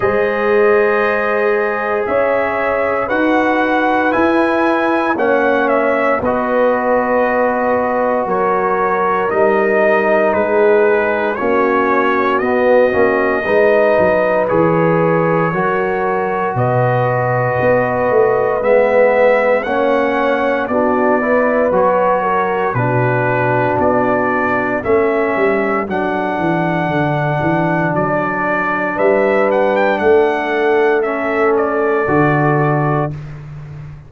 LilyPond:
<<
  \new Staff \with { instrumentName = "trumpet" } { \time 4/4 \tempo 4 = 58 dis''2 e''4 fis''4 | gis''4 fis''8 e''8 dis''2 | cis''4 dis''4 b'4 cis''4 | dis''2 cis''2 |
dis''2 e''4 fis''4 | d''4 cis''4 b'4 d''4 | e''4 fis''2 d''4 | e''8 fis''16 g''16 fis''4 e''8 d''4. | }
  \new Staff \with { instrumentName = "horn" } { \time 4/4 c''2 cis''4 b'4~ | b'4 cis''4 b'2 | ais'2 gis'4 fis'4~ | fis'4 b'2 ais'4 |
b'2. cis''4 | fis'8 b'4 ais'8 fis'2 | a'1 | b'4 a'2. | }
  \new Staff \with { instrumentName = "trombone" } { \time 4/4 gis'2. fis'4 | e'4 cis'4 fis'2~ | fis'4 dis'2 cis'4 | b8 cis'8 dis'4 gis'4 fis'4~ |
fis'2 b4 cis'4 | d'8 e'8 fis'4 d'2 | cis'4 d'2.~ | d'2 cis'4 fis'4 | }
  \new Staff \with { instrumentName = "tuba" } { \time 4/4 gis2 cis'4 dis'4 | e'4 ais4 b2 | fis4 g4 gis4 ais4 | b8 ais8 gis8 fis8 e4 fis4 |
b,4 b8 a8 gis4 ais4 | b4 fis4 b,4 b4 | a8 g8 fis8 e8 d8 e8 fis4 | g4 a2 d4 | }
>>